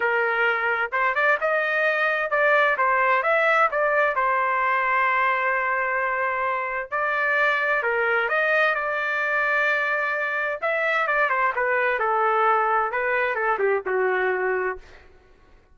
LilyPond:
\new Staff \with { instrumentName = "trumpet" } { \time 4/4 \tempo 4 = 130 ais'2 c''8 d''8 dis''4~ | dis''4 d''4 c''4 e''4 | d''4 c''2.~ | c''2. d''4~ |
d''4 ais'4 dis''4 d''4~ | d''2. e''4 | d''8 c''8 b'4 a'2 | b'4 a'8 g'8 fis'2 | }